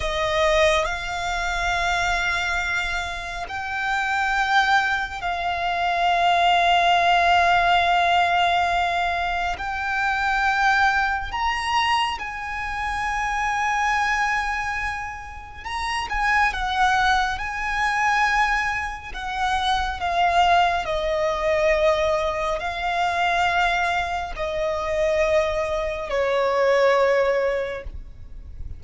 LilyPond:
\new Staff \with { instrumentName = "violin" } { \time 4/4 \tempo 4 = 69 dis''4 f''2. | g''2 f''2~ | f''2. g''4~ | g''4 ais''4 gis''2~ |
gis''2 ais''8 gis''8 fis''4 | gis''2 fis''4 f''4 | dis''2 f''2 | dis''2 cis''2 | }